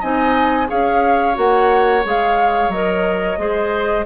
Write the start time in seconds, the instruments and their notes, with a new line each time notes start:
0.00 bassoon C4, clarinet D#4, oboe D#5, flute G#5
0.67 bassoon C#4, clarinet G#4, oboe C#5, flute F5
1.34 bassoon A#3, clarinet F#4, flute F#5
2.04 bassoon G#3, clarinet G#4, flute F5
2.68 bassoon F#3, clarinet A#4, flute D#5
3.37 bassoon G#3, clarinet G#4, oboe C5